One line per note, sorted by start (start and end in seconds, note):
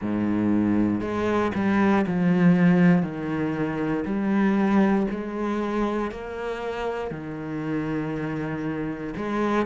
0.00 1.00 G#2
1.00 1.51 G#3
1.54 2.05 G3
2.07 3.02 F3
3.02 4.04 D#3
4.05 5.07 G3
5.10 6.11 G#3
6.11 7.10 A#3
7.10 9.14 D#3
9.16 9.66 G#3